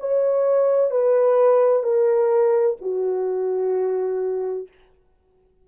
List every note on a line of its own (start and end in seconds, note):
0.00 0.90 C#5
0.90 1.83 B4
1.83 2.77 A#4
2.81 4.68 F#4